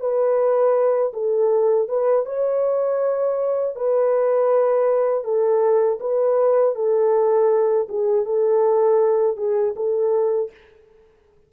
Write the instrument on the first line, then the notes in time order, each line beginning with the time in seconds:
horn
0.00 B4
1.13 A4
1.88 B4
2.25 C#5
3.76 B4
5.24 A4
6.00 B4
6.75 A4
7.89 G#4
8.25 A4
9.37 G#4
9.76 A4